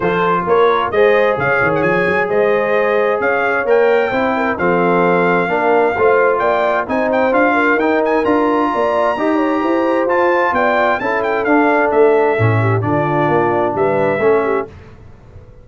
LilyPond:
<<
  \new Staff \with { instrumentName = "trumpet" } { \time 4/4 \tempo 4 = 131 c''4 cis''4 dis''4 f''8. fis''16 | gis''4 dis''2 f''4 | g''2 f''2~ | f''2 g''4 gis''8 g''8 |
f''4 g''8 gis''8 ais''2~ | ais''2 a''4 g''4 | a''8 g''8 f''4 e''2 | d''2 e''2 | }
  \new Staff \with { instrumentName = "horn" } { \time 4/4 a'4 ais'4 c''4 cis''4~ | cis''4 c''2 cis''4~ | cis''4 c''8 ais'8 a'2 | ais'4 c''4 d''4 c''4~ |
c''8 ais'2~ ais'8 d''4 | dis''8 cis''8 c''2 d''4 | a'2.~ a'8 g'8 | f'2 b'4 a'8 g'8 | }
  \new Staff \with { instrumentName = "trombone" } { \time 4/4 f'2 gis'2~ | gis'1 | ais'4 e'4 c'2 | d'4 f'2 dis'4 |
f'4 dis'4 f'2 | g'2 f'2 | e'4 d'2 cis'4 | d'2. cis'4 | }
  \new Staff \with { instrumentName = "tuba" } { \time 4/4 f4 ais4 gis4 cis8 dis8 | f8 fis8 gis2 cis'4 | ais4 c'4 f2 | ais4 a4 ais4 c'4 |
d'4 dis'4 d'4 ais4 | dis'4 e'4 f'4 b4 | cis'4 d'4 a4 a,4 | d4 ais4 g4 a4 | }
>>